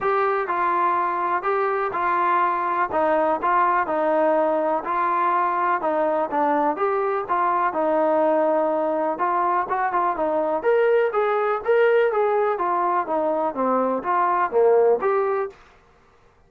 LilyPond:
\new Staff \with { instrumentName = "trombone" } { \time 4/4 \tempo 4 = 124 g'4 f'2 g'4 | f'2 dis'4 f'4 | dis'2 f'2 | dis'4 d'4 g'4 f'4 |
dis'2. f'4 | fis'8 f'8 dis'4 ais'4 gis'4 | ais'4 gis'4 f'4 dis'4 | c'4 f'4 ais4 g'4 | }